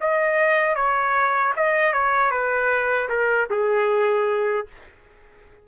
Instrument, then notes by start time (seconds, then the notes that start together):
trumpet
0.00 D#5
0.75 C#5
1.56 D#5
1.93 C#5
2.31 B4
3.09 A#4
3.50 G#4